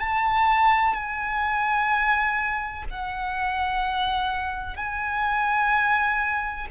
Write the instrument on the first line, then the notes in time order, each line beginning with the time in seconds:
violin
0.00 A5
0.94 G#5
2.90 F#5
4.77 G#5